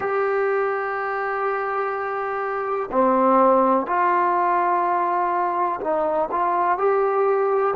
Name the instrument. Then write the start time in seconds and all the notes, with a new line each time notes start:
trombone
0.00 G4
2.91 C4
3.86 F4
5.81 D#4
6.31 F4
6.77 G4